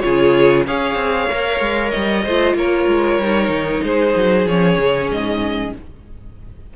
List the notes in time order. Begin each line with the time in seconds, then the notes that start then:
0.00 C#3 F4 G#4 C#5
0.67 C#4 G#4 C#5 F5
0.95 C4
1.29 A#3 A#4
1.61 G#3
1.91 G3 D#5
2.24 A3 F4 C5
2.54 A#3 A#4 C#5
2.88 G#3
3.19 G3 D#4
3.49 D#3
3.83 G#3 G#4 C5
4.16 F#3
4.47 F3 C#4 C#5
4.78 C#3
5.10 G#2 D#5